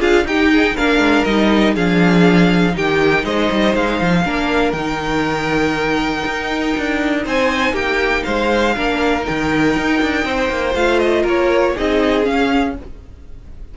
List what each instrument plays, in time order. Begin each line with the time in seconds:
0.00 cello D4, viola F4, violin G#4 F5
0.25 cello D#4, viola D#4, violin G4 G5
0.53 violin G#4
0.76 cello A#3, viola D4, violin A#4 F5
0.99 cello G#3
1.25 cello G3, viola D#4, violin D#5
1.74 cello F3, viola D4, violin G#4 F5
2.73 cello D#3, viola D#4, violin G4 G5
3.25 cello G#3, violin C5 D#5
3.51 cello G3
3.76 cello G#3, violin F5
4.01 cello F3
4.25 cello A#3, viola D4, violin A#4
4.73 cello D#3, viola D#4, violin G5
6.26 cello D#4
6.78 cello D4
7.25 cello C4, violin C5 G#5
7.73 cello A#3, violin G4 G5
8.24 cello G#3, violin C5 F5
8.76 cello A#3, viola D4, violin A#4
9.21 viola D#4, violin G5
9.30 cello D#3
9.77 cello D#4
10.03 cello D4
10.25 cello C4, violin C5
10.50 cello A#3
10.75 cello A3, viola F4, violin F5
10.99 violin D#5
11.22 cello A#3, violin A#4
11.29 violin C#5
11.75 cello C4, viola D#4, violin G#4 D#5
12.24 viola C#4, cello C#4, violin F5